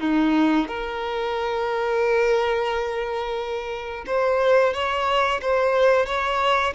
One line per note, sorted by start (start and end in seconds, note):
0.00 0.67 D#4
0.67 4.04 A#4
4.06 4.73 C5
4.73 5.41 C#5
5.41 6.06 C5
6.06 6.73 C#5